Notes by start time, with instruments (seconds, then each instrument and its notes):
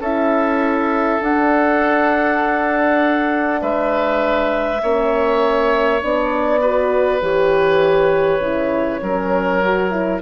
0.00 bassoon C#4, horn E4, oboe A4, clarinet E5
1.21 horn D4, bassoon D4, clarinet F#5
3.62 bassoon G#3, oboe B4, clarinet E5
4.83 bassoon A#3, horn C#4, oboe C#5
6.02 bassoon B3, horn D4, clarinet D5
6.61 horn F#4, oboe B4
7.22 bassoon E3, horn G4, clarinet C#5
8.40 bassoon C#3, horn E4
9.02 bassoon F#3, horn C#4, oboe A#4
9.63 horn F#4
9.91 horn E4